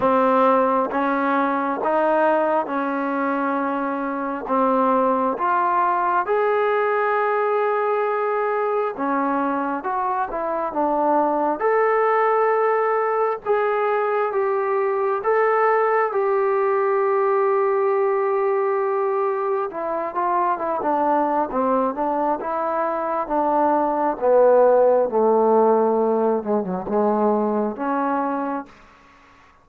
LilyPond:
\new Staff \with { instrumentName = "trombone" } { \time 4/4 \tempo 4 = 67 c'4 cis'4 dis'4 cis'4~ | cis'4 c'4 f'4 gis'4~ | gis'2 cis'4 fis'8 e'8 | d'4 a'2 gis'4 |
g'4 a'4 g'2~ | g'2 e'8 f'8 e'16 d'8. | c'8 d'8 e'4 d'4 b4 | a4. gis16 fis16 gis4 cis'4 | }